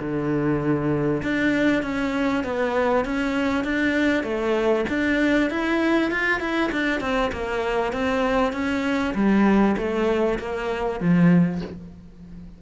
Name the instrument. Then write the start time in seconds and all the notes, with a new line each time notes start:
cello
0.00 D3
1.23 D4
1.83 C#4
2.44 B3
3.05 C#4
3.65 D4
4.24 A3
4.89 D4
5.50 E4
6.11 F4
6.40 E4
6.72 D4
7.01 C4
7.32 A#3
7.93 C4
8.53 C#4
9.15 G3
9.78 A3
10.39 A#3
11.00 F3